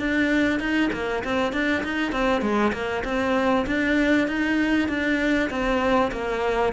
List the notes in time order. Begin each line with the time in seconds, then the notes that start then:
0.00 D4
0.60 D#4
0.93 A#3
1.24 C4
1.53 D4
1.84 D#4
2.12 C4
2.42 G#3
2.73 A#3
3.04 C4
3.67 D4
4.28 D#4
4.89 D4
5.50 C4
6.12 A#3